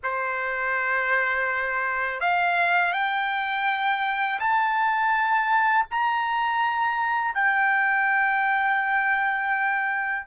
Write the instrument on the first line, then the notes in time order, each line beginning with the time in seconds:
trumpet
0.03 C5
2.20 F5
2.92 G5
4.39 A5
5.90 A#5
7.34 G5